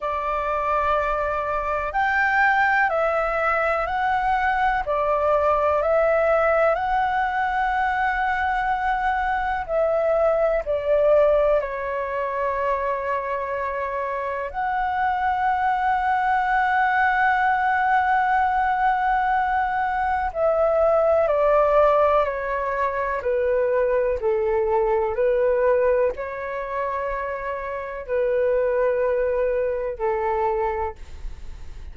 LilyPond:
\new Staff \with { instrumentName = "flute" } { \time 4/4 \tempo 4 = 62 d''2 g''4 e''4 | fis''4 d''4 e''4 fis''4~ | fis''2 e''4 d''4 | cis''2. fis''4~ |
fis''1~ | fis''4 e''4 d''4 cis''4 | b'4 a'4 b'4 cis''4~ | cis''4 b'2 a'4 | }